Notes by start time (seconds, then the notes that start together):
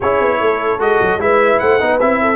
0.00 C#4 E4 G#4 C#5
0.20 B3
0.40 A3 A4
0.79 G#3 F#4 D#5
1.01 F#3
1.17 G#3 E4 B4 E5
1.59 A3 C5 F#5
1.80 B3 D#4 B4
2.00 C4 E4 E5
2.21 A4